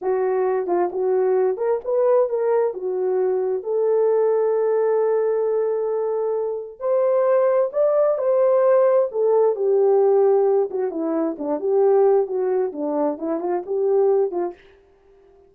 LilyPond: \new Staff \with { instrumentName = "horn" } { \time 4/4 \tempo 4 = 132 fis'4. f'8 fis'4. ais'8 | b'4 ais'4 fis'2 | a'1~ | a'2. c''4~ |
c''4 d''4 c''2 | a'4 g'2~ g'8 fis'8 | e'4 d'8 g'4. fis'4 | d'4 e'8 f'8 g'4. f'8 | }